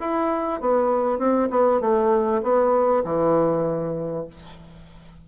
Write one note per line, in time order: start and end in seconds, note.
0.00 0.60 E4
0.60 1.18 B3
1.18 1.49 C4
1.50 1.81 B3
1.81 2.42 A3
2.42 3.04 B3
3.04 4.26 E3